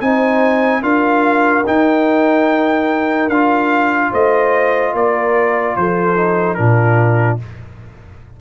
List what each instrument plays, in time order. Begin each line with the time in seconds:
0.00 tuba C4, trombone D#4, horn C5, trumpet G#5
0.82 tuba D4, trombone F4, horn A#4, trumpet F5
1.66 trombone D#4, tuba D#4, trumpet G5
3.28 tuba D4, trombone F4, trumpet F5
4.10 tuba A3, horn C5, trumpet D#5
4.93 tuba A#3, horn A#4, trumpet D5
5.76 tuba F3, horn A4, trumpet C5
6.16 trombone D#4
6.54 tuba A#2, trombone D4, horn F4, trumpet A#4